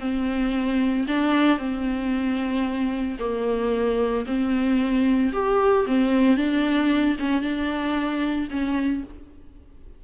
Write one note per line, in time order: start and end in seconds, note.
0.00 1.06 C4
1.07 1.58 D4
1.58 3.17 C4
3.19 4.26 A#3
4.26 5.32 C4
5.33 5.86 G4
5.87 6.37 C4
6.37 7.16 D4
7.19 7.42 C#4
7.42 8.48 D4
8.50 9.03 C#4